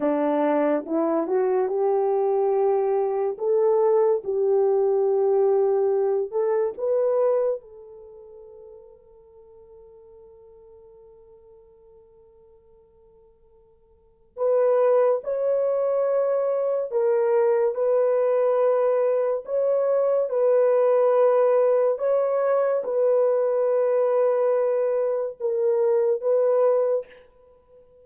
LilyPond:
\new Staff \with { instrumentName = "horn" } { \time 4/4 \tempo 4 = 71 d'4 e'8 fis'8 g'2 | a'4 g'2~ g'8 a'8 | b'4 a'2.~ | a'1~ |
a'4 b'4 cis''2 | ais'4 b'2 cis''4 | b'2 cis''4 b'4~ | b'2 ais'4 b'4 | }